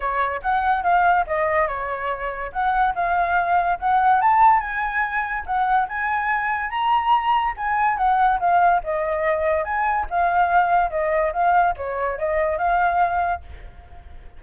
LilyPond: \new Staff \with { instrumentName = "flute" } { \time 4/4 \tempo 4 = 143 cis''4 fis''4 f''4 dis''4 | cis''2 fis''4 f''4~ | f''4 fis''4 a''4 gis''4~ | gis''4 fis''4 gis''2 |
ais''2 gis''4 fis''4 | f''4 dis''2 gis''4 | f''2 dis''4 f''4 | cis''4 dis''4 f''2 | }